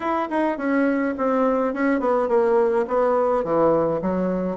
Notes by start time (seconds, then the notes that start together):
0.00 E4
0.30 D#4
0.57 C#4
1.17 C4
1.73 C#4
2.00 B3
2.28 A#3
2.87 B3
3.43 E3
4.01 F#3